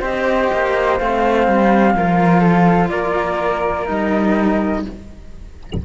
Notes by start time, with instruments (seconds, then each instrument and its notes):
0.00 cello C4 G4, flute C5 D#5
0.53 cello A#3
0.98 cello A3 C4, flute F5
1.47 cello G3
1.95 cello F3 F4, flute A#4
2.40 flute A4
2.89 cello A#3, flute A#4 D5
3.86 cello G3 D#4, flute D#5